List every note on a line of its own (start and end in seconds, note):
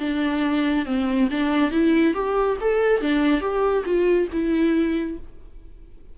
0.00 0.86 D4
0.86 1.29 C4
1.31 1.71 D4
1.71 2.14 E4
2.14 2.57 G4
2.61 3.01 A4
3.01 3.41 D4
3.41 3.84 G4
3.85 4.28 F4
4.32 5.18 E4